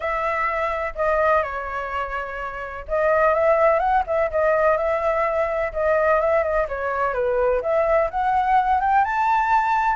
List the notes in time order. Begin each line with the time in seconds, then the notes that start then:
0.00 E5
0.95 D#5
1.42 C#5
2.87 D#5
3.34 E5
3.79 F#5
4.06 E5
4.30 D#5
4.77 E5
5.73 D#5
6.20 E5
6.43 D#5
6.68 C#5
7.13 B4
7.62 E5
8.10 F#5
8.80 G5
9.04 A5